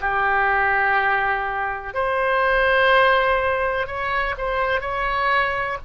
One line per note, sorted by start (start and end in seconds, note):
0.00 1.94 G4
1.94 3.87 C5
3.87 4.35 C#5
4.37 4.81 C5
4.81 5.78 C#5